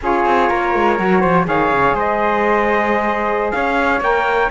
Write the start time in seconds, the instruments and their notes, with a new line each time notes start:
0.01 cello C#4, saxophone F4, flute G#4, trumpet C#5
0.25 cello C4
0.48 cello A#3, flute A#4
0.74 cello G#3
0.97 cello F#3, saxophone F#4
1.20 cello F3, flute C5
1.44 cello D#3, saxophone G#4, flute C#5, trumpet F5
1.71 cello C#3
1.93 cello G#3, flute C5, trumpet D#5
3.51 cello C#4, flute C#5, trumpet F5
4.00 cello A#3, saxophone A#4, trumpet G5